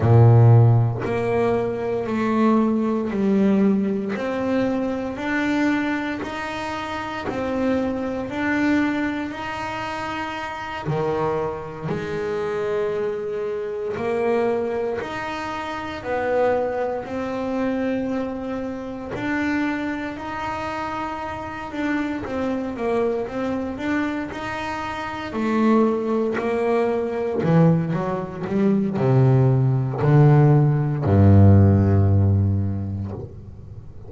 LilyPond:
\new Staff \with { instrumentName = "double bass" } { \time 4/4 \tempo 4 = 58 ais,4 ais4 a4 g4 | c'4 d'4 dis'4 c'4 | d'4 dis'4. dis4 gis8~ | gis4. ais4 dis'4 b8~ |
b8 c'2 d'4 dis'8~ | dis'4 d'8 c'8 ais8 c'8 d'8 dis'8~ | dis'8 a4 ais4 e8 fis8 g8 | c4 d4 g,2 | }